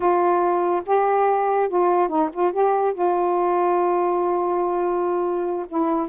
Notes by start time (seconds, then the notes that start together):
0.00 F4
0.86 G4
1.69 F4
2.08 D#4
2.33 F4
2.52 G4
2.93 F4
5.68 E4